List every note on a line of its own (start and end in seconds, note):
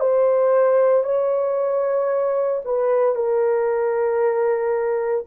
0.00 1.04 C5
1.04 2.62 C#5
2.65 3.15 B4
3.15 5.26 A#4